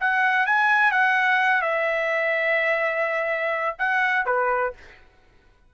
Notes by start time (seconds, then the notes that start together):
0.00 F#5
0.46 G#5
0.91 F#5
1.62 E5
3.79 F#5
4.26 B4